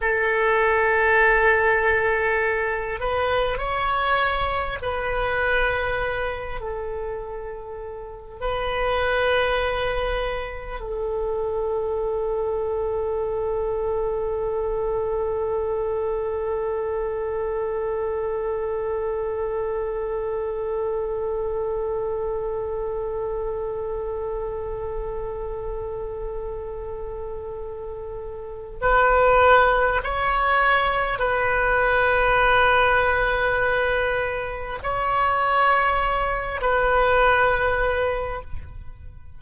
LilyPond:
\new Staff \with { instrumentName = "oboe" } { \time 4/4 \tempo 4 = 50 a'2~ a'8 b'8 cis''4 | b'4. a'4. b'4~ | b'4 a'2.~ | a'1~ |
a'1~ | a'1 | b'4 cis''4 b'2~ | b'4 cis''4. b'4. | }